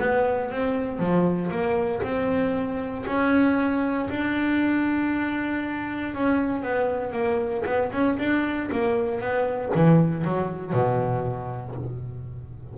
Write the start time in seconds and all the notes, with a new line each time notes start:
0.00 B3
0.51 C4
1.00 F3
1.51 A#3
2.03 C4
3.07 C#4
4.10 D4
6.15 C#4
6.63 B3
7.13 A#3
7.66 B3
7.93 C#4
8.19 D4
8.72 A#3
9.21 B3
9.75 E3
10.25 F#3
10.73 B2